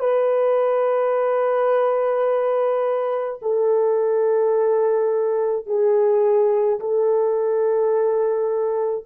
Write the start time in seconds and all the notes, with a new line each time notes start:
0.00 B4
3.42 A4
5.67 G#4
6.80 A4